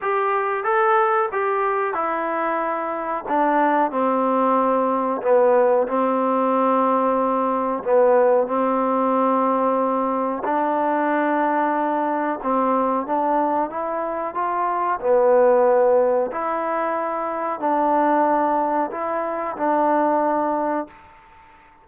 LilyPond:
\new Staff \with { instrumentName = "trombone" } { \time 4/4 \tempo 4 = 92 g'4 a'4 g'4 e'4~ | e'4 d'4 c'2 | b4 c'2. | b4 c'2. |
d'2. c'4 | d'4 e'4 f'4 b4~ | b4 e'2 d'4~ | d'4 e'4 d'2 | }